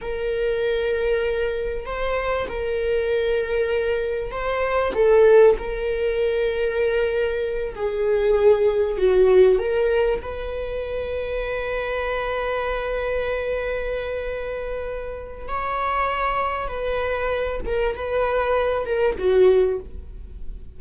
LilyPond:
\new Staff \with { instrumentName = "viola" } { \time 4/4 \tempo 4 = 97 ais'2. c''4 | ais'2. c''4 | a'4 ais'2.~ | ais'8 gis'2 fis'4 ais'8~ |
ais'8 b'2.~ b'8~ | b'1~ | b'4 cis''2 b'4~ | b'8 ais'8 b'4. ais'8 fis'4 | }